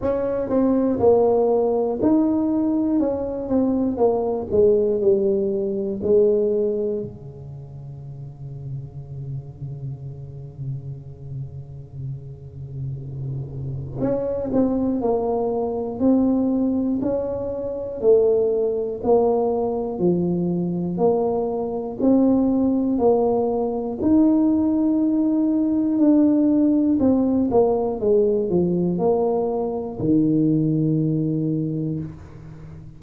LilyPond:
\new Staff \with { instrumentName = "tuba" } { \time 4/4 \tempo 4 = 60 cis'8 c'8 ais4 dis'4 cis'8 c'8 | ais8 gis8 g4 gis4 cis4~ | cis1~ | cis2 cis'8 c'8 ais4 |
c'4 cis'4 a4 ais4 | f4 ais4 c'4 ais4 | dis'2 d'4 c'8 ais8 | gis8 f8 ais4 dis2 | }